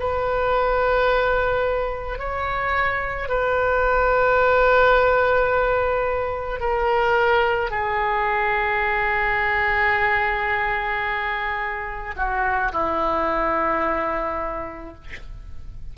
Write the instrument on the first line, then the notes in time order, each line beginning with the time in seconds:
oboe
0.00 B4
2.19 C#5
3.29 B4
6.61 A#4
7.71 G#4
12.17 F#4
12.73 E4